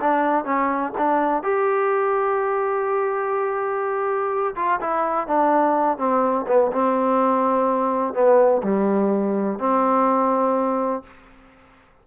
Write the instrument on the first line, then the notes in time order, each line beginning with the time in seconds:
trombone
0.00 D4
0.44 C#4
0.97 D4
1.43 G4
4.56 F4
4.80 E4
5.27 D4
5.98 C4
6.47 B3
6.72 C4
8.13 B3
8.63 G3
9.59 C4